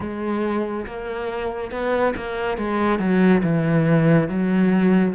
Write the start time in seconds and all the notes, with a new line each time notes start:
0.00 G#3
0.86 A#3
1.71 B3
2.16 A#3
2.57 G#3
2.99 F#3
3.43 E3
4.28 F#3